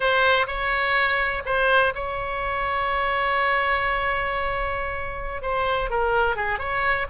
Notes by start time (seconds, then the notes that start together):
0.00 C5
0.46 C#5
1.45 C5
1.94 C#5
5.41 C5
5.89 A#4
6.36 G#4
6.59 C#5